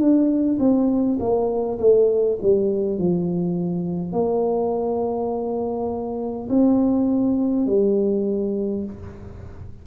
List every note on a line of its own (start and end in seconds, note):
0.00 0.59 D4
0.59 1.18 C4
1.20 1.79 A#3
1.80 2.39 A3
2.42 2.99 G3
2.99 4.13 F3
4.13 6.48 A#3
6.50 7.67 C4
7.67 8.84 G3